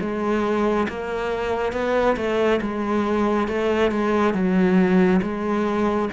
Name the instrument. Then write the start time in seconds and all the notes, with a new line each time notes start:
cello
0.00 G#3
0.88 A#3
1.72 B3
2.17 A3
2.61 G#3
3.47 A3
3.91 G#3
4.34 F#3
5.22 G#3